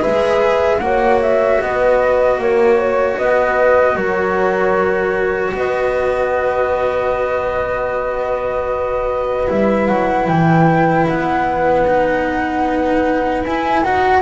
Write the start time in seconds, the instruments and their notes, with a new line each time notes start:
0.00 double bass G#3, cello G#4, horn B4, flute E5
0.79 double bass A#3, cello F#4, horn C#5, flute F#5
1.22 flute E5
1.61 double bass B3, horn B4, flute D#5
2.38 double bass A#3, horn A#4, flute C#5
2.79 horn C#5
3.17 double bass B3, horn B4, flute D#5
3.95 double bass F#3, horn A#4, flute C#5
5.54 double bass B3, horn B4, flute D#5
9.47 double bass G3, cello E4, flute E5
9.87 double bass F#3, flute F#5
10.28 double bass E3, flute G5
11.07 double bass B3, flute F#5
11.87 cello D#4
13.42 double bass E4, cello E4, flute G#5
13.83 double bass D#4, cello F#4, flute F#5